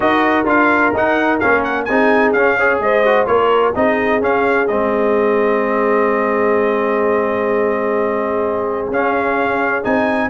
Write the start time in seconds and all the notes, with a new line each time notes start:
0.00 D#4 F#4 A#4 D#5
0.45 D4 F4 F5
0.93 D#4 F#5
1.39 A#3 C#4 F5
1.63 F#5
1.85 C4 D#4 G#4 G#5
2.32 C#4 F5
2.57 G#4 C#5
2.79 G#3 C5 D#5
3.05 F#4
3.26 A#3 F4 A#4 C#5
3.75 C4 D#4 G#4 D#5
4.21 C#4 F5
4.67 G#3 C4 D#5
8.89 C#4 F5
9.83 C4 D#4 G#5